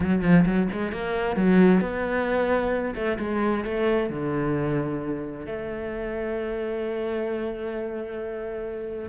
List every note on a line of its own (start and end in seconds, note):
0.00 0.21 F#3
0.21 0.44 F3
0.45 0.68 F#3
0.71 0.92 G#3
0.92 1.36 A#3
1.36 1.80 F#3
1.80 2.94 B3
2.95 3.17 A3
3.19 3.64 G#3
3.64 4.09 A3
4.09 5.45 D3
5.45 9.09 A3